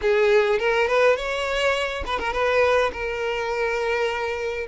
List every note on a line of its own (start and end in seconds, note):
0.01 0.59 G#4
0.59 0.87 A#4
0.87 1.16 B4
1.16 2.04 C#5
2.06 2.19 B4
2.19 2.32 A#4
2.32 2.91 B4
2.92 4.67 A#4